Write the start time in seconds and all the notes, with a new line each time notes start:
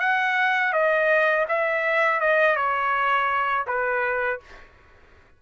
0.00 F#5
0.73 D#5
1.49 E5
2.21 D#5
2.56 C#5
3.67 B4